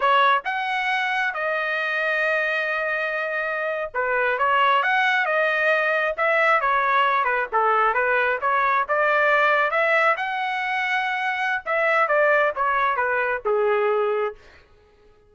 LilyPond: \new Staff \with { instrumentName = "trumpet" } { \time 4/4 \tempo 4 = 134 cis''4 fis''2 dis''4~ | dis''1~ | dis''8. b'4 cis''4 fis''4 dis''16~ | dis''4.~ dis''16 e''4 cis''4~ cis''16~ |
cis''16 b'8 a'4 b'4 cis''4 d''16~ | d''4.~ d''16 e''4 fis''4~ fis''16~ | fis''2 e''4 d''4 | cis''4 b'4 gis'2 | }